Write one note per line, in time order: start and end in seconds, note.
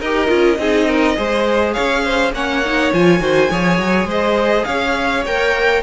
0.00 0.30 D#4
0.00 0.28 G4
0.00 0.58 A#4
0.00 1.73 D#5
0.28 0.58 C#4
0.28 0.57 F4
0.58 1.17 C4
0.58 1.16 D#4
0.58 0.87 G#4
0.87 1.17 A#4
1.16 1.77 G#3
1.16 2.33 G#4
1.16 1.74 C5
1.73 2.33 C#4
1.73 2.03 C#5
1.73 2.32 F5
2.05 2.34 C5
2.33 2.91 A#3
2.33 2.63 C#4
2.33 3.22 C#5
2.33 2.93 F#5
2.65 2.94 D#4
2.93 3.20 F3
2.93 3.19 F4
2.93 4.10 G#5
3.19 3.49 D#3
3.19 3.48 F#4
3.19 3.51 C5
3.51 3.78 F3
3.51 5.26 G#4
3.51 4.08 C#5
3.78 4.05 F#3
4.05 4.63 G#3
4.05 4.66 C5
4.05 4.65 D#5
4.65 5.26 C#4
4.65 5.83 C#5
4.65 5.23 F5
5.26 5.83 A#3
5.26 5.83 A#4
5.26 5.83 G5